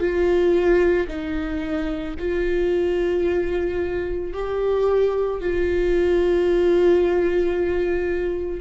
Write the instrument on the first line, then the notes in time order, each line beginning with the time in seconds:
viola
0.00 F4
1.08 D#4
2.19 F4
4.33 G4
5.41 F4